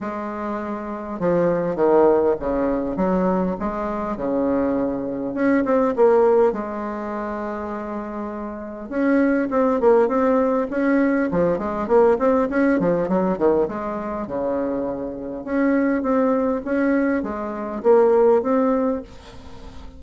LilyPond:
\new Staff \with { instrumentName = "bassoon" } { \time 4/4 \tempo 4 = 101 gis2 f4 dis4 | cis4 fis4 gis4 cis4~ | cis4 cis'8 c'8 ais4 gis4~ | gis2. cis'4 |
c'8 ais8 c'4 cis'4 f8 gis8 | ais8 c'8 cis'8 f8 fis8 dis8 gis4 | cis2 cis'4 c'4 | cis'4 gis4 ais4 c'4 | }